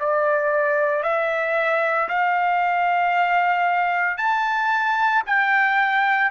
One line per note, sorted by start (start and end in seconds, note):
0.00 1.03 D5
1.03 2.08 E5
2.09 4.18 F5
4.18 5.23 A5
5.26 6.31 G5